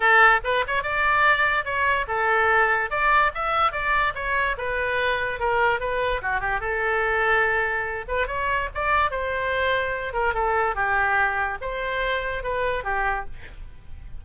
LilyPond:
\new Staff \with { instrumentName = "oboe" } { \time 4/4 \tempo 4 = 145 a'4 b'8 cis''8 d''2 | cis''4 a'2 d''4 | e''4 d''4 cis''4 b'4~ | b'4 ais'4 b'4 fis'8 g'8 |
a'2.~ a'8 b'8 | cis''4 d''4 c''2~ | c''8 ais'8 a'4 g'2 | c''2 b'4 g'4 | }